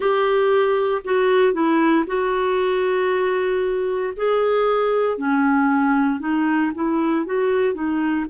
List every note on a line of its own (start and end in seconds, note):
0.00 1.02 G4
1.04 1.53 F#4
1.53 2.05 E4
2.06 4.13 F#4
4.16 5.17 G#4
5.17 6.19 C#4
6.19 6.71 D#4
6.74 7.25 E4
7.25 7.74 F#4
7.74 8.25 D#4